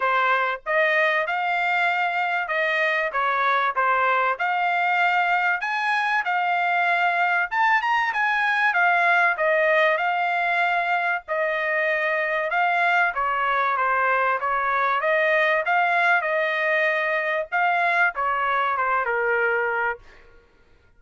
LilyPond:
\new Staff \with { instrumentName = "trumpet" } { \time 4/4 \tempo 4 = 96 c''4 dis''4 f''2 | dis''4 cis''4 c''4 f''4~ | f''4 gis''4 f''2 | a''8 ais''8 gis''4 f''4 dis''4 |
f''2 dis''2 | f''4 cis''4 c''4 cis''4 | dis''4 f''4 dis''2 | f''4 cis''4 c''8 ais'4. | }